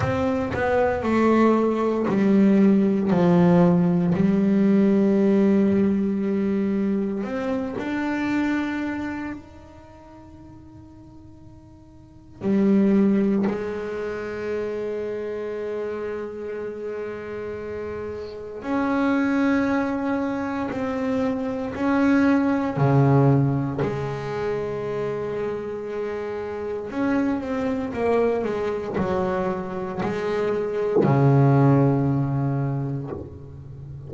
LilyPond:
\new Staff \with { instrumentName = "double bass" } { \time 4/4 \tempo 4 = 58 c'8 b8 a4 g4 f4 | g2. c'8 d'8~ | d'4 dis'2. | g4 gis2.~ |
gis2 cis'2 | c'4 cis'4 cis4 gis4~ | gis2 cis'8 c'8 ais8 gis8 | fis4 gis4 cis2 | }